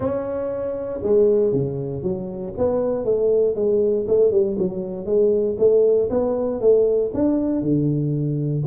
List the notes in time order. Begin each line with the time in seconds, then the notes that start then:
0.00 C#4
1.03 G#3
1.53 C#3
2.02 F#3
2.57 B3
3.04 A3
3.55 G#3
4.07 A3
4.31 G3
4.58 F#3
5.05 G#3
5.58 A3
6.09 B3
6.60 A3
7.13 D4
7.61 D3